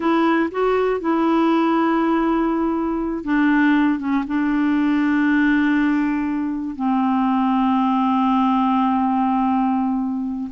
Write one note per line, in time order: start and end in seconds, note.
0.00 0.49 E4
0.51 1.00 F#4
1.00 3.24 E4
3.24 3.99 D4
3.99 4.24 C#4
4.27 6.75 D4
6.75 10.50 C4